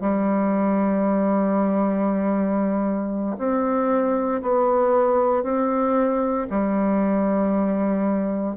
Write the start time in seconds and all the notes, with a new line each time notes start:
0.00 G3
3.38 C4
4.42 B3
5.43 C4
6.50 G3